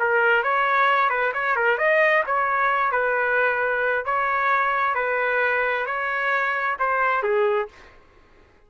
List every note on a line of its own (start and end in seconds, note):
0.00 0.44 A#4
0.44 1.10 C#5
1.10 1.33 B4
1.34 1.56 C#5
1.56 1.79 A#4
1.79 2.24 D#5
2.27 2.92 C#5
2.92 4.06 B4
4.06 4.95 C#5
4.95 5.86 B4
5.86 6.77 C#5
6.80 7.23 C5
7.23 7.69 G#4